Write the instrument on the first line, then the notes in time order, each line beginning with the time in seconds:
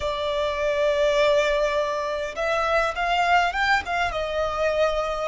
violin
0.00 D5
2.35 E5
2.95 F5
3.52 G5
3.85 F5
4.11 D#5